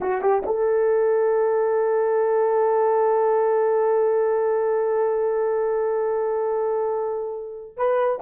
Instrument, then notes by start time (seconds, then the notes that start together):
horn
0.00 F#4
0.21 G4
0.46 A4
7.76 B4